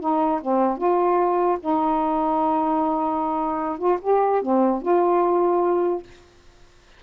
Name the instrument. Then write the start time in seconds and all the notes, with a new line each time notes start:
saxophone
0.00 D#4
0.41 C4
0.77 F4
1.60 D#4
3.78 F4
4.02 G4
4.42 C4
4.82 F4